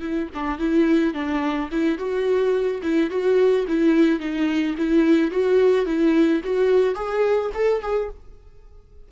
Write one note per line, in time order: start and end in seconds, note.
0.00 0.28 E4
0.34 0.58 D4
0.58 1.14 E4
1.14 1.69 D4
1.71 1.98 E4
1.98 2.81 F#4
2.83 3.10 E4
3.10 3.66 F#4
3.67 4.20 E4
4.20 4.75 D#4
4.77 5.31 E4
5.31 5.85 F#4
5.85 6.41 E4
6.43 6.95 F#4
6.95 7.50 G#4
7.54 7.82 A4
7.82 8.09 G#4